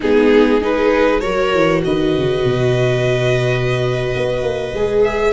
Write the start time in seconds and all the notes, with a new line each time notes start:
0.00 G#3 B3 D#4 G#4
0.60 D#4 G#4 B4
1.20 F#3 F#4 A#4 C#5
1.54 E3
1.84 D#3 B4 D#5
2.17 C#3
2.44 B2
4.16 B3
4.42 A#3
4.73 G#3 G#4
5.03 E5